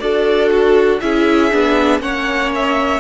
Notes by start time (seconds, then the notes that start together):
0.00 D4 F#4 A4 D5
0.51 F#4
1.00 C#4 E4 G#4 E5
1.51 B3 D4
2.00 A#3 C#4 C#5 F#5
2.55 E5